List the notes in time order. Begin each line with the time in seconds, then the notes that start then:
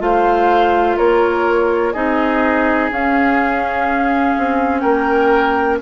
0.00 A3 F4 C5 F5
0.97 A#3 A#4 C#5
1.93 C4 D#4 G#4 D#5
2.91 C#4 F5
4.38 C4
4.80 A#3 A#4 G5